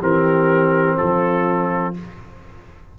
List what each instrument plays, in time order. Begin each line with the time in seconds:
0.00 tuba E3, trombone C4, horn G4, trumpet A#4
0.96 tuba F3, horn F4, trumpet A4